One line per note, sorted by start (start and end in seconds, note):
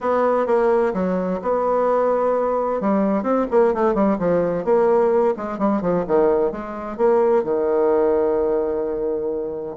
0.00 0.46 B3
0.46 0.93 A#3
0.93 1.40 F#3
1.42 2.81 B3
2.81 3.22 G3
3.22 3.45 C4
3.50 3.74 A#3
3.74 3.94 A3
3.94 4.17 G3
4.18 4.64 F3
4.64 5.34 A#3
5.37 5.58 G#3
5.58 5.81 G3
5.81 6.04 F3
6.07 6.51 D#3
6.51 6.97 G#3
6.97 7.43 A#3
7.43 9.76 D#3